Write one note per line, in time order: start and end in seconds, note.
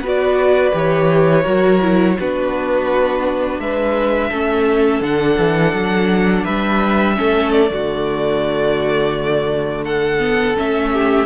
0.00 0.71 B3
0.00 0.72 F#4
0.00 1.42 B4
0.07 0.77 D5
0.72 1.45 E3
0.72 1.43 G4
0.72 2.19 C#5
1.42 2.17 F#3
1.42 1.80 F#4
1.42 2.14 A#4
1.81 2.17 E4
2.19 3.59 B3
2.19 4.32 D4
2.19 3.62 F#4
2.19 3.60 B4
3.59 4.30 G#3
3.59 4.30 B4
3.59 5.02 E5
4.30 5.00 A3
4.30 5.03 C#4
4.30 6.44 A4
5.00 5.36 D3
5.00 7.15 D4
5.00 6.44 F#5
5.38 5.73 E3
5.73 6.44 F#3
6.44 7.18 G3
6.44 7.15 B4
6.44 7.52 E5
7.15 7.70 A3
7.15 7.67 C#4
7.15 7.72 A4
7.52 9.84 D5
7.67 10.56 D3
7.67 10.17 A3
7.67 9.85 F#4
9.85 10.92 A4
9.85 10.56 F#5
10.19 10.55 B3
10.57 11.26 A3
10.57 11.26 C#4
10.57 11.26 E5
10.92 11.26 G4